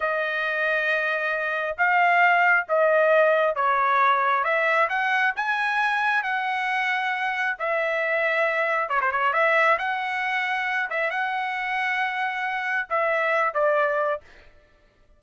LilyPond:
\new Staff \with { instrumentName = "trumpet" } { \time 4/4 \tempo 4 = 135 dis''1 | f''2 dis''2 | cis''2 e''4 fis''4 | gis''2 fis''2~ |
fis''4 e''2. | cis''16 c''16 cis''8 e''4 fis''2~ | fis''8 e''8 fis''2.~ | fis''4 e''4. d''4. | }